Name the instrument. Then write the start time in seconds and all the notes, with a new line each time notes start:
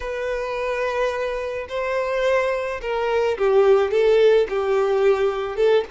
violin
0.00 B4
1.68 C5
2.81 A#4
3.38 G4
3.91 A4
4.49 G4
5.56 A4